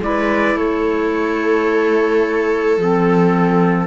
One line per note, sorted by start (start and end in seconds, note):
0.00 0.55 G#3
0.00 2.78 E4
0.00 0.56 B4
0.00 0.57 D5
0.55 2.77 A3
0.55 3.87 A4
0.55 2.79 C#5
2.77 3.87 F3
2.77 3.87 C4
2.77 3.87 A4